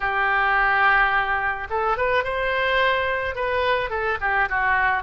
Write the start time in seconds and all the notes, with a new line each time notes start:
0.00 G4
1.69 A4
1.97 B4
2.24 C5
3.35 B4
3.89 A4
4.21 G4
4.49 F#4